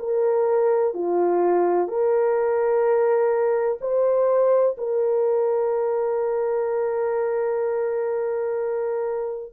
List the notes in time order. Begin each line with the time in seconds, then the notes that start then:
0.00 A#4
0.94 F4
1.89 A#4
3.81 C5
4.78 A#4